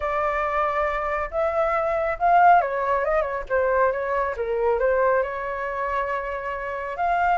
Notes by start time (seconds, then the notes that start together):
0.00 D5
1.30 E5
2.18 F5
2.61 C#5
3.04 D#5
3.21 C#5
3.49 C5
3.92 C#5
4.37 A#4
4.79 C5
5.22 C#5
6.96 F5